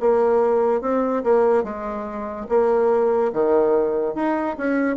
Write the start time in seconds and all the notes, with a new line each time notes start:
0.00 A#3
0.81 C4
1.24 A#3
1.64 G#3
2.49 A#3
3.33 D#3
4.15 D#4
4.57 C#4